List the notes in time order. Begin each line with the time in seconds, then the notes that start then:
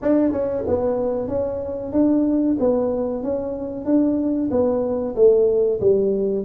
0.01 D4
0.31 C#4
0.67 B3
1.28 C#4
1.92 D4
2.59 B3
3.23 C#4
3.85 D4
4.50 B3
5.15 A3
5.80 G3